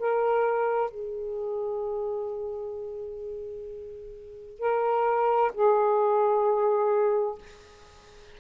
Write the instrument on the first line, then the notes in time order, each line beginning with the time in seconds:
saxophone
0.00 A#4
0.91 G#4
4.60 A#4
5.54 G#4